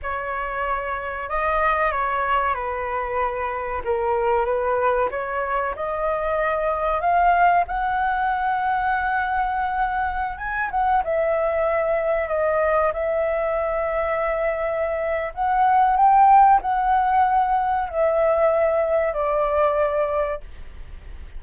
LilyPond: \new Staff \with { instrumentName = "flute" } { \time 4/4 \tempo 4 = 94 cis''2 dis''4 cis''4 | b'2 ais'4 b'4 | cis''4 dis''2 f''4 | fis''1~ |
fis''16 gis''8 fis''8 e''2 dis''8.~ | dis''16 e''2.~ e''8. | fis''4 g''4 fis''2 | e''2 d''2 | }